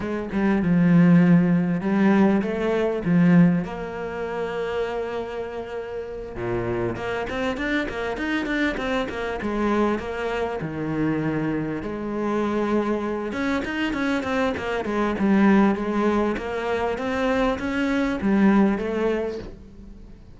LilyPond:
\new Staff \with { instrumentName = "cello" } { \time 4/4 \tempo 4 = 99 gis8 g8 f2 g4 | a4 f4 ais2~ | ais2~ ais8 ais,4 ais8 | c'8 d'8 ais8 dis'8 d'8 c'8 ais8 gis8~ |
gis8 ais4 dis2 gis8~ | gis2 cis'8 dis'8 cis'8 c'8 | ais8 gis8 g4 gis4 ais4 | c'4 cis'4 g4 a4 | }